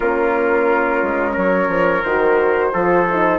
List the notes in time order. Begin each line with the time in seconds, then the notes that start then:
0.00 A#3 C#4 F4 A#4
1.02 G#3
1.32 F#3 A#4 C#5
1.67 F3
2.02 D#3 F#4 C5
2.73 F3 F4 A4
3.10 D#4